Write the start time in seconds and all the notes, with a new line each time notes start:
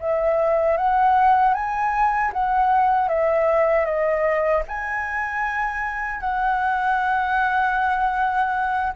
0.00 E5
0.77 F#5
1.54 G#5
2.33 F#5
3.08 E5
3.85 D#5
4.68 G#5
6.20 F#5